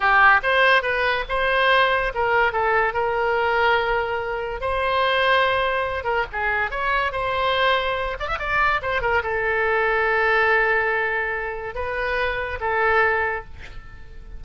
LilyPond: \new Staff \with { instrumentName = "oboe" } { \time 4/4 \tempo 4 = 143 g'4 c''4 b'4 c''4~ | c''4 ais'4 a'4 ais'4~ | ais'2. c''4~ | c''2~ c''8 ais'8 gis'4 |
cis''4 c''2~ c''8 d''16 e''16 | d''4 c''8 ais'8 a'2~ | a'1 | b'2 a'2 | }